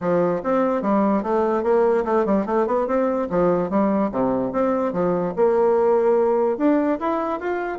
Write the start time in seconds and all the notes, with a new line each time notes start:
0.00 F3
0.43 C4
0.82 G3
1.22 A3
1.63 A#3
2.05 A3
2.25 G3
2.46 A3
2.66 B3
2.87 C4
3.30 F3
3.70 G3
4.11 C3
4.52 C4
4.93 F3
5.36 A#3
6.57 D4
6.99 E4
7.40 F4